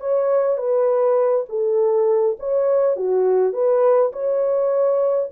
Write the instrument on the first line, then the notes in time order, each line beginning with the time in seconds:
horn
0.00 C#5
0.57 B4
1.48 A4
2.39 C#5
2.96 F#4
3.53 B4
4.12 C#5